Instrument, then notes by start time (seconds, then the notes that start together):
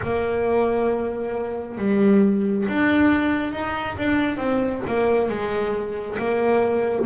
double bass
0.03 A#3
1.77 G3
2.68 D4
3.52 D#4
3.97 D4
4.37 C4
4.87 A#3
5.29 G#3
6.18 A#3